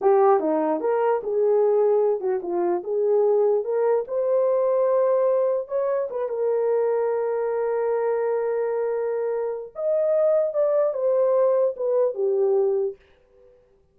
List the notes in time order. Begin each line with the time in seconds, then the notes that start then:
0.01 G4
0.39 D#4
0.80 A#4
1.23 G#4
2.20 F#4
2.42 F4
2.83 G#4
3.64 A#4
4.07 C5
5.68 C#5
6.10 B4
6.28 A#4
9.75 D#5
10.53 D5
10.93 C5
11.76 B4
12.14 G4